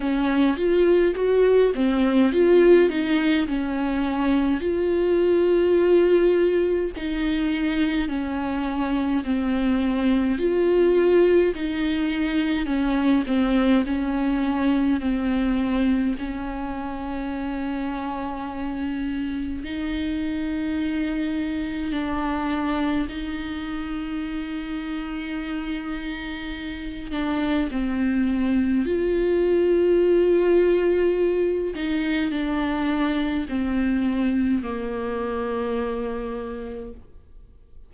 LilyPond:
\new Staff \with { instrumentName = "viola" } { \time 4/4 \tempo 4 = 52 cis'8 f'8 fis'8 c'8 f'8 dis'8 cis'4 | f'2 dis'4 cis'4 | c'4 f'4 dis'4 cis'8 c'8 | cis'4 c'4 cis'2~ |
cis'4 dis'2 d'4 | dis'2.~ dis'8 d'8 | c'4 f'2~ f'8 dis'8 | d'4 c'4 ais2 | }